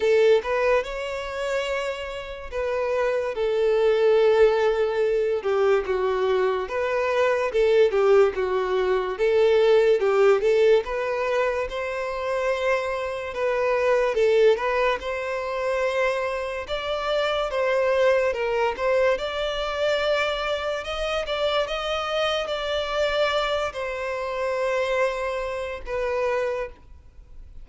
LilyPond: \new Staff \with { instrumentName = "violin" } { \time 4/4 \tempo 4 = 72 a'8 b'8 cis''2 b'4 | a'2~ a'8 g'8 fis'4 | b'4 a'8 g'8 fis'4 a'4 | g'8 a'8 b'4 c''2 |
b'4 a'8 b'8 c''2 | d''4 c''4 ais'8 c''8 d''4~ | d''4 dis''8 d''8 dis''4 d''4~ | d''8 c''2~ c''8 b'4 | }